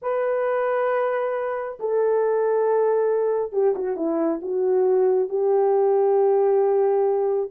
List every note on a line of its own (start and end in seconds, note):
0.02 1.78 B4
1.79 3.52 A4
3.52 3.74 G4
3.75 3.96 F#4
3.96 4.40 E4
4.42 5.29 F#4
5.29 7.49 G4